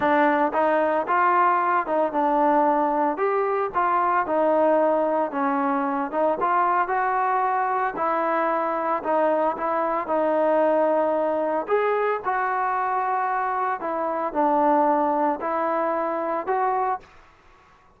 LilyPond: \new Staff \with { instrumentName = "trombone" } { \time 4/4 \tempo 4 = 113 d'4 dis'4 f'4. dis'8 | d'2 g'4 f'4 | dis'2 cis'4. dis'8 | f'4 fis'2 e'4~ |
e'4 dis'4 e'4 dis'4~ | dis'2 gis'4 fis'4~ | fis'2 e'4 d'4~ | d'4 e'2 fis'4 | }